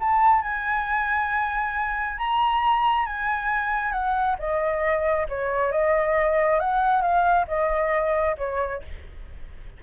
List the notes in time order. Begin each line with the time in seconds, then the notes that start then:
0.00 A5
0.42 G#5
2.18 A#5
3.06 G#5
3.92 F#5
4.39 D#5
5.29 C#5
5.72 D#5
6.60 F#5
7.02 F5
7.48 D#5
8.38 C#5